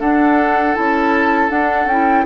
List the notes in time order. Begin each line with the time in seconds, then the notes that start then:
0.00 D4 A4 F#5
0.75 C#4 E4 A5
1.50 D4 F#5
1.86 C#4 E4 G5